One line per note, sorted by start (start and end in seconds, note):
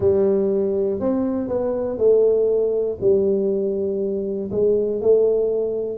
0.00 1.00 G3
1.00 1.48 C4
1.48 1.97 B3
1.97 2.97 A3
3.00 4.50 G3
4.51 5.00 G#3
5.00 5.98 A3